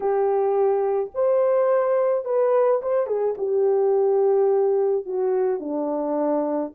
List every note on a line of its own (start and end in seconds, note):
0.00 1.10 G4
1.14 2.25 C5
2.25 2.81 B4
2.82 3.07 C5
3.07 3.35 G#4
3.37 5.05 G4
5.05 5.59 F#4
5.59 6.71 D4